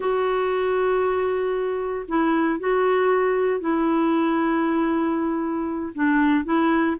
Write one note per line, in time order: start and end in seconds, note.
0.00 2.06 F#4
2.08 2.59 E4
2.59 3.60 F#4
3.60 5.93 E4
5.94 6.44 D4
6.44 6.96 E4